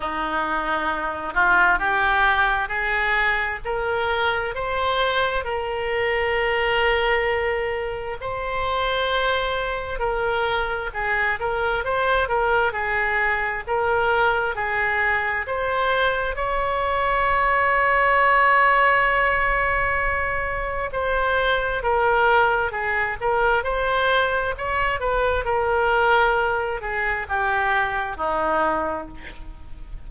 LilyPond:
\new Staff \with { instrumentName = "oboe" } { \time 4/4 \tempo 4 = 66 dis'4. f'8 g'4 gis'4 | ais'4 c''4 ais'2~ | ais'4 c''2 ais'4 | gis'8 ais'8 c''8 ais'8 gis'4 ais'4 |
gis'4 c''4 cis''2~ | cis''2. c''4 | ais'4 gis'8 ais'8 c''4 cis''8 b'8 | ais'4. gis'8 g'4 dis'4 | }